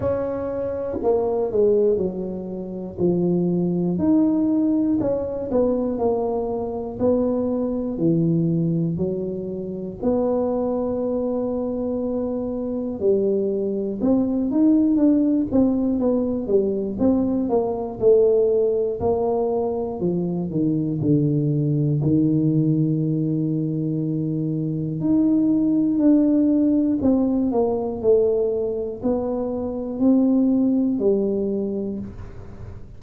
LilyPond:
\new Staff \with { instrumentName = "tuba" } { \time 4/4 \tempo 4 = 60 cis'4 ais8 gis8 fis4 f4 | dis'4 cis'8 b8 ais4 b4 | e4 fis4 b2~ | b4 g4 c'8 dis'8 d'8 c'8 |
b8 g8 c'8 ais8 a4 ais4 | f8 dis8 d4 dis2~ | dis4 dis'4 d'4 c'8 ais8 | a4 b4 c'4 g4 | }